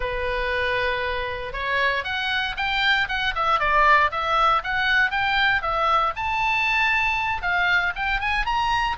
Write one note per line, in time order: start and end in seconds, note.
0.00 1.52 B4
1.52 2.04 C#5
2.04 2.55 F#5
2.56 3.08 G5
3.08 3.34 F#5
3.35 3.59 E5
3.59 4.10 D5
4.11 4.62 E5
4.63 5.10 F#5
5.10 5.62 G5
5.62 6.13 E5
6.16 7.42 A5
7.42 7.93 F5
7.95 8.20 G5
8.20 8.45 G#5
8.45 8.97 A#5